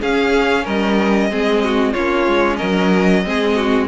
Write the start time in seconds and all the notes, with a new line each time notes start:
0.00 C#4 G#4 F5
0.64 G3 A#4 D#5
1.30 G#3 C4 G#4
1.64 F#4
1.93 A#3 C#4 F4 C#5
2.27 G#3
2.56 A#4 D#5
2.62 F#3
3.24 G#3 C4 G#4
3.56 F#4